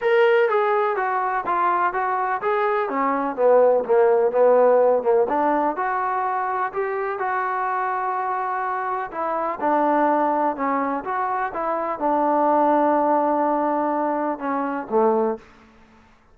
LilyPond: \new Staff \with { instrumentName = "trombone" } { \time 4/4 \tempo 4 = 125 ais'4 gis'4 fis'4 f'4 | fis'4 gis'4 cis'4 b4 | ais4 b4. ais8 d'4 | fis'2 g'4 fis'4~ |
fis'2. e'4 | d'2 cis'4 fis'4 | e'4 d'2.~ | d'2 cis'4 a4 | }